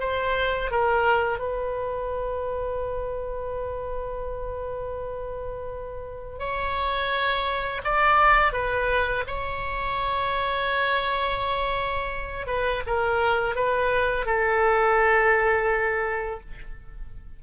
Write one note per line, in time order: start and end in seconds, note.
0.00 0.71 C5
0.71 1.39 A#4
1.39 6.39 B4
6.39 7.82 C#5
7.84 8.53 D5
8.53 9.24 B4
9.27 12.47 C#5
12.47 12.82 B4
12.87 13.56 A#4
13.56 14.26 B4
14.26 16.40 A4